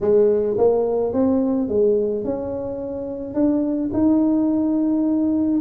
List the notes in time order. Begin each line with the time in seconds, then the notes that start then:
0.01 G#3
0.57 A#3
1.13 C4
1.68 G#3
2.24 C#4
3.34 D4
3.93 D#4